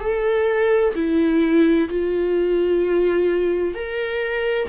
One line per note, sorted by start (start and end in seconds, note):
0.00 0.94 A4
0.95 1.89 E4
1.89 3.74 F4
3.74 4.68 A#4